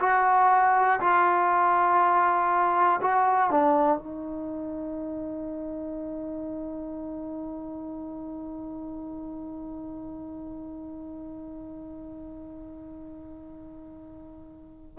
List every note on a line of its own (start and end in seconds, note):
0.00 1.00 F#4
1.00 3.00 F4
3.01 3.51 F#4
3.51 3.98 D4
3.98 14.98 D#4